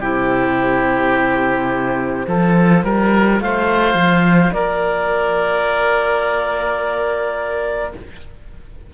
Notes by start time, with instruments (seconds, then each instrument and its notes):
0.00 cello C3, clarinet E4 C5, oboe G4
2.26 cello F3, clarinet F4, oboe A4
2.84 cello G3, oboe A#4
3.41 cello A3, oboe C5, clarinet F5
3.94 cello F3
4.53 cello A#3, oboe A#4, clarinet D5